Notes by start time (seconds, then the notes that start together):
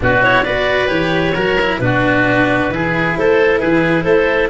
0.00 B2 D4 F#4 B4
0.22 E4 C#5
0.43 B3 F#4 B4 D5
0.87 E3 G4 C#5
1.34 F#3 F#4 A#4
1.60 E4
1.79 B2 D4 F#4 B4
2.70 E3 E4 G#4
3.17 A3 A4 C5
3.59 E3 G#4 B4
4.03 A3 A4 C5